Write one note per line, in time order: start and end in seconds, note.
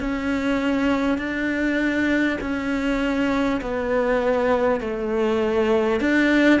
0.00 1.17 C#4
1.17 2.37 D4
2.41 3.61 C#4
3.61 4.80 B3
4.80 6.00 A3
6.00 6.60 D4